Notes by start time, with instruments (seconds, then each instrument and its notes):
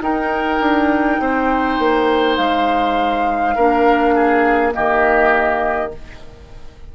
0.00 bassoon D#4, clarinet D#4, oboe A#4, flute G5
0.59 bassoon D4
1.20 bassoon C4, oboe C5
1.78 bassoon A#3
2.36 bassoon G#3, flute F5
3.55 bassoon A#3, clarinet D4, oboe A#4
4.14 oboe G#4
4.71 bassoon D#3, clarinet A#3, oboe G4, flute D#5